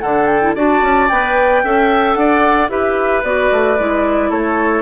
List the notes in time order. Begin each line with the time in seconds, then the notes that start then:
0.00 D3 D4 A4 F#5
0.26 G5
0.42 E4
0.55 D4 F#4 D5 A5
0.81 C#4
1.08 B3 B4 G5
1.63 C#4 A4 E5
2.14 D4 D5 F#5
2.69 E4 G4 B4 E5
3.23 B3 F#4 D5
3.51 A3
3.78 G#3 E4
4.29 A3 A4 C#5